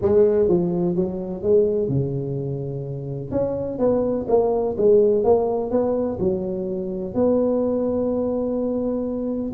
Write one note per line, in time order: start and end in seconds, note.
0.01 0.48 G#3
0.48 0.95 F3
0.95 1.42 F#3
1.42 1.88 G#3
1.88 3.31 C#3
3.31 3.79 C#4
3.79 4.26 B3
4.28 4.76 A#3
4.77 5.24 G#3
5.24 5.70 A#3
5.70 6.18 B3
6.19 7.14 F#3
7.14 9.52 B3